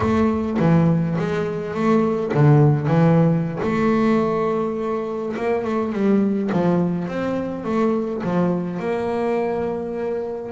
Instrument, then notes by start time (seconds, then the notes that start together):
double bass
0.00 A3
0.59 E3
1.18 G#3
1.74 A3
2.34 D3
2.87 E3
3.62 A3
5.36 A#3
5.64 A3
5.92 G3
6.52 F3
7.08 C4
7.64 A3
8.23 F3
8.79 A#3